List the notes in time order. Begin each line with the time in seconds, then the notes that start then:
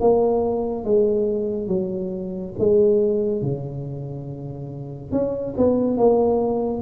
0.00 A#3
0.84 G#3
1.68 F#3
2.58 G#3
3.42 C#3
5.11 C#4
5.57 B3
5.97 A#3